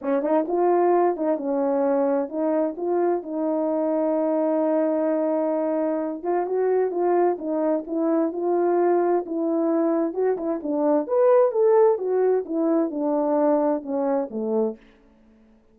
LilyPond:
\new Staff \with { instrumentName = "horn" } { \time 4/4 \tempo 4 = 130 cis'8 dis'8 f'4. dis'8 cis'4~ | cis'4 dis'4 f'4 dis'4~ | dis'1~ | dis'4. f'8 fis'4 f'4 |
dis'4 e'4 f'2 | e'2 fis'8 e'8 d'4 | b'4 a'4 fis'4 e'4 | d'2 cis'4 a4 | }